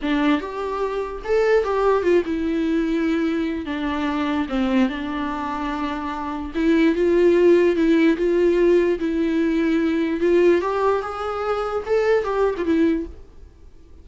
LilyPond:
\new Staff \with { instrumentName = "viola" } { \time 4/4 \tempo 4 = 147 d'4 g'2 a'4 | g'4 f'8 e'2~ e'8~ | e'4 d'2 c'4 | d'1 |
e'4 f'2 e'4 | f'2 e'2~ | e'4 f'4 g'4 gis'4~ | gis'4 a'4 g'8. f'16 e'4 | }